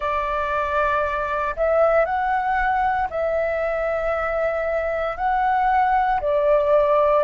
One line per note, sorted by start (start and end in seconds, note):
0.00 1.55 D5
1.56 2.05 E5
2.05 3.08 F#5
3.09 5.16 E5
5.17 6.20 F#5
6.21 7.23 D5